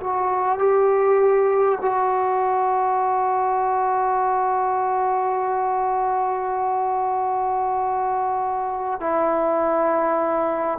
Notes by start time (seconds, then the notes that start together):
0.00 F#4
0.59 G4
1.82 F#4
9.01 E4